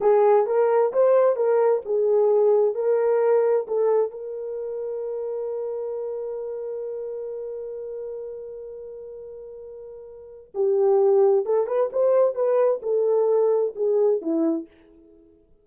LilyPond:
\new Staff \with { instrumentName = "horn" } { \time 4/4 \tempo 4 = 131 gis'4 ais'4 c''4 ais'4 | gis'2 ais'2 | a'4 ais'2.~ | ais'1~ |
ais'1~ | ais'2. g'4~ | g'4 a'8 b'8 c''4 b'4 | a'2 gis'4 e'4 | }